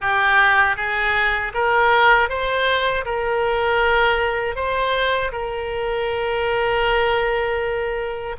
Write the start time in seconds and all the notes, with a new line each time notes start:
0.01 G4
0.76 G#4
1.54 A#4
2.29 C5
3.05 A#4
4.55 C5
5.32 A#4